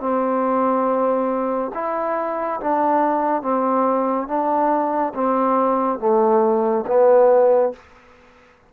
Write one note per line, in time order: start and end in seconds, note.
0.00 1.71 C4
1.74 2.59 E4
2.60 3.42 D4
3.42 4.27 C4
4.27 5.13 D4
5.14 5.99 C4
5.99 6.85 A3
6.87 7.73 B3